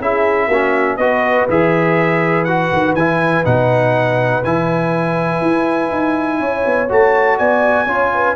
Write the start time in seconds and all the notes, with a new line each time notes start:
0.00 C#4 E4 G#4 E5
0.48 A#3 C#4 F#4
0.97 B3 F#4 B4 D#5
1.49 E3 G#4 E5
2.44 F#4 F#5
2.73 D#3
2.94 E3 E4 G#5
3.45 B2 D#4 F#5
4.44 E3 E4 G#5
5.42 E4
5.91 D#4
6.40 C#4 C#5
6.66 B3
6.89 A3 F#4 A5
7.38 B3 D5 G#5
7.86 C#4 F4 C#5
8.14 B4